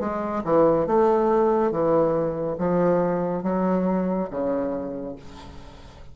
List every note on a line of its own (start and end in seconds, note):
0.00 0.43 G#3
0.44 0.87 E3
0.87 1.71 A3
1.71 2.57 E3
2.58 3.43 F3
3.43 4.29 F#3
4.30 5.16 C#3